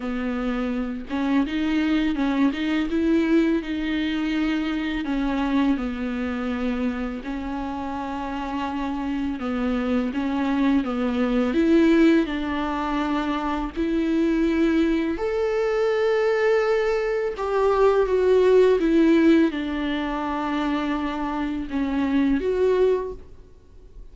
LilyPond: \new Staff \with { instrumentName = "viola" } { \time 4/4 \tempo 4 = 83 b4. cis'8 dis'4 cis'8 dis'8 | e'4 dis'2 cis'4 | b2 cis'2~ | cis'4 b4 cis'4 b4 |
e'4 d'2 e'4~ | e'4 a'2. | g'4 fis'4 e'4 d'4~ | d'2 cis'4 fis'4 | }